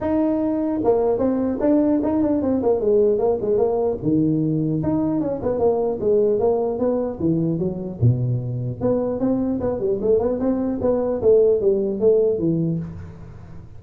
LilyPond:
\new Staff \with { instrumentName = "tuba" } { \time 4/4 \tempo 4 = 150 dis'2 ais4 c'4 | d'4 dis'8 d'8 c'8 ais8 gis4 | ais8 gis8 ais4 dis2 | dis'4 cis'8 b8 ais4 gis4 |
ais4 b4 e4 fis4 | b,2 b4 c'4 | b8 g8 a8 b8 c'4 b4 | a4 g4 a4 e4 | }